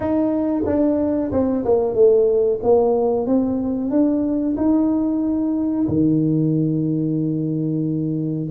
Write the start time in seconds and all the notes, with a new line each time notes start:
0.00 D#4
0.66 D4
1.32 C4
1.65 A#3
1.94 A3
2.63 A#3
3.26 C4
3.90 D4
4.57 D#4
5.88 D#3